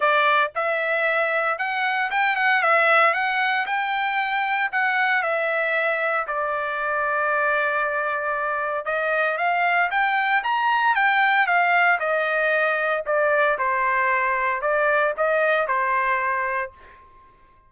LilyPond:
\new Staff \with { instrumentName = "trumpet" } { \time 4/4 \tempo 4 = 115 d''4 e''2 fis''4 | g''8 fis''8 e''4 fis''4 g''4~ | g''4 fis''4 e''2 | d''1~ |
d''4 dis''4 f''4 g''4 | ais''4 g''4 f''4 dis''4~ | dis''4 d''4 c''2 | d''4 dis''4 c''2 | }